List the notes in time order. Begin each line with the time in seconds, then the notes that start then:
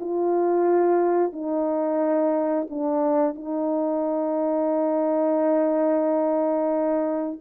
0.00 F4
1.32 D#4
2.69 D4
3.35 D#4